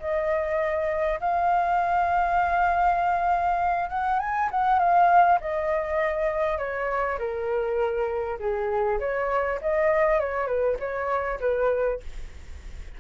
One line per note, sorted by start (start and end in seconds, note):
0.00 1.20 D#5
1.20 3.89 F5
3.89 4.19 F#5
4.19 4.49 G#5
4.51 4.79 F#5
4.79 5.39 F5
5.41 6.58 D#5
6.58 7.18 C#5
7.19 8.39 A#4
8.39 8.99 G#4
8.99 9.59 C#5
9.61 10.20 D#5
10.20 10.47 C#5
10.47 10.77 B4
10.79 11.39 C#5
11.40 12.00 B4